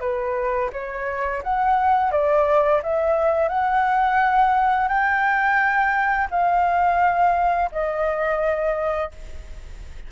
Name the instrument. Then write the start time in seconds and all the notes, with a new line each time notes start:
flute
0.00 B4
0.72 C#5
1.43 F#5
2.12 D5
2.83 E5
3.49 F#5
4.88 G5
6.30 F5
7.72 D#5